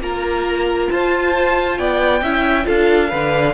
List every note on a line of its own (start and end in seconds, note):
0.00 0.88 A#3
0.00 2.22 F4
0.00 0.91 A#4
0.00 0.90 A#5
0.90 1.79 F4
0.90 1.79 C5
0.90 1.78 A5
1.78 2.22 B3
1.78 2.23 D5
1.78 2.66 G5
2.22 2.66 C#4
2.22 2.65 E4
2.22 2.66 E5
2.65 3.12 D4
2.65 3.09 F4
2.65 3.09 A4
2.65 3.54 F5
3.09 3.54 D3
3.09 3.54 D4
3.09 3.53 B4